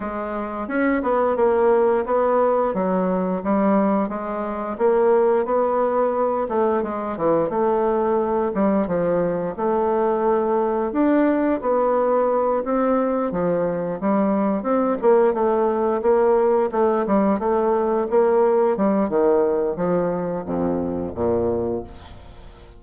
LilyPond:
\new Staff \with { instrumentName = "bassoon" } { \time 4/4 \tempo 4 = 88 gis4 cis'8 b8 ais4 b4 | fis4 g4 gis4 ais4 | b4. a8 gis8 e8 a4~ | a8 g8 f4 a2 |
d'4 b4. c'4 f8~ | f8 g4 c'8 ais8 a4 ais8~ | ais8 a8 g8 a4 ais4 g8 | dis4 f4 f,4 ais,4 | }